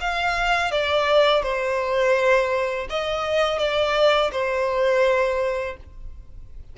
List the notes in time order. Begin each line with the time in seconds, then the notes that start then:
0.00 F5
0.71 D5
1.43 C5
2.89 D#5
3.58 D5
4.32 C5